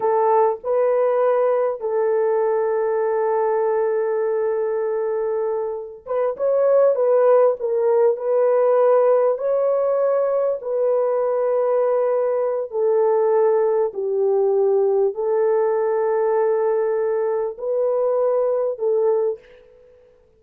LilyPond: \new Staff \with { instrumentName = "horn" } { \time 4/4 \tempo 4 = 99 a'4 b'2 a'4~ | a'1~ | a'2 b'8 cis''4 b'8~ | b'8 ais'4 b'2 cis''8~ |
cis''4. b'2~ b'8~ | b'4 a'2 g'4~ | g'4 a'2.~ | a'4 b'2 a'4 | }